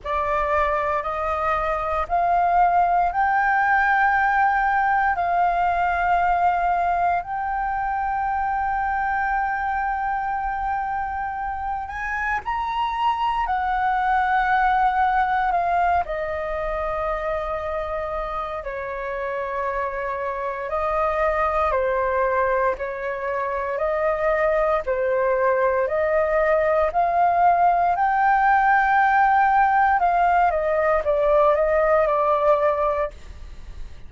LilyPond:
\new Staff \with { instrumentName = "flute" } { \time 4/4 \tempo 4 = 58 d''4 dis''4 f''4 g''4~ | g''4 f''2 g''4~ | g''2.~ g''8 gis''8 | ais''4 fis''2 f''8 dis''8~ |
dis''2 cis''2 | dis''4 c''4 cis''4 dis''4 | c''4 dis''4 f''4 g''4~ | g''4 f''8 dis''8 d''8 dis''8 d''4 | }